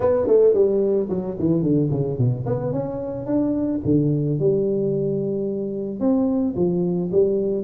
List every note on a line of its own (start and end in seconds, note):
0.00 0.27 B3
0.27 0.54 A3
0.54 1.08 G3
1.09 1.36 F#3
1.39 1.62 E3
1.62 1.89 D3
1.91 2.18 C#3
2.18 2.45 B2
2.46 2.72 B3
2.72 3.26 C#4
3.26 3.80 D4
3.84 4.39 D3
4.39 6.00 G3
6.00 6.54 C4
6.56 7.10 F3
7.11 7.64 G3